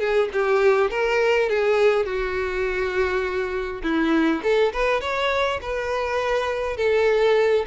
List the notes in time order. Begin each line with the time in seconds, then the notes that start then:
0.00 G#4
0.33 G4
0.91 A#4
1.50 G#4
2.06 F#4
3.83 E4
4.44 A4
4.73 B4
5.01 C#5
5.62 B4
6.78 A4